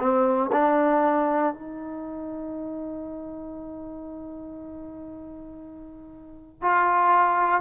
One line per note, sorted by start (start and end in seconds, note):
0.00 0.51 C4
0.53 1.54 D4
1.54 6.62 D#4
6.62 7.62 F4